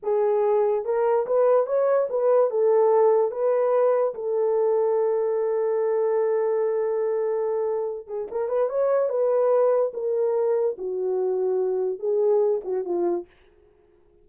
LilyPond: \new Staff \with { instrumentName = "horn" } { \time 4/4 \tempo 4 = 145 gis'2 ais'4 b'4 | cis''4 b'4 a'2 | b'2 a'2~ | a'1~ |
a'2.~ a'8 gis'8 | ais'8 b'8 cis''4 b'2 | ais'2 fis'2~ | fis'4 gis'4. fis'8 f'4 | }